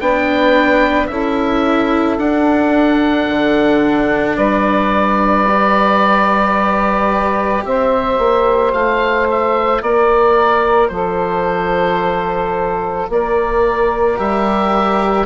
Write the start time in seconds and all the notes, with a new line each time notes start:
0.00 B3 D4 B4 G5
1.06 C#4 E4 A4 E5
2.18 D4 F#5
3.28 D3
4.36 G3 B4 D5
5.47 G4
7.65 C4 C5 E5
8.18 A#3
8.72 A3 F4 F5
9.30 E5
9.81 A#3 A#4 D5
10.88 F3 A4 C5
13.09 A#3 A#4 D5
14.16 G3 G4 E5